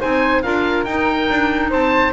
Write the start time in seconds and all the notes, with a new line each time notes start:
0.00 C4 D#4 C5 G#5
0.42 D4 F4 A#4 F5
0.84 D#4 G5
1.30 D4
1.70 C4 C5 A5